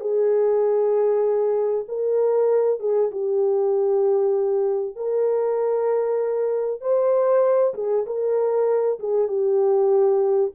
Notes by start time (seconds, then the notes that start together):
0.00 G#4
1.88 A#4
2.80 G#4
3.11 G4
4.96 A#4
6.81 C5
7.74 G#4
8.06 A#4
8.99 G#4
9.28 G4